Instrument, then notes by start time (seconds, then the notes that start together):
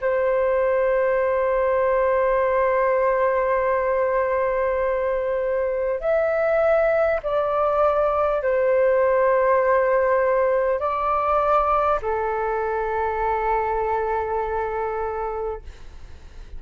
flute
0.00 C5
6.00 E5
7.22 D5
8.42 C5
10.79 D5
12.02 A4